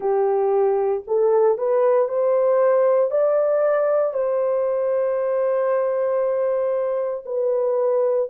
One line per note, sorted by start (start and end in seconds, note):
0.00 1.03 G4
1.07 1.58 A4
1.58 2.08 B4
2.08 3.10 C5
3.10 4.13 D5
4.13 7.24 C5
7.25 8.29 B4